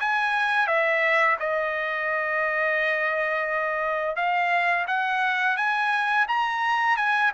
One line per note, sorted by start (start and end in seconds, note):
0.00 0.67 G#5
0.67 1.37 E5
1.40 4.16 D#5
4.16 4.86 F5
4.87 5.57 F#5
5.57 6.27 G#5
6.28 6.97 A#5
6.97 7.32 G#5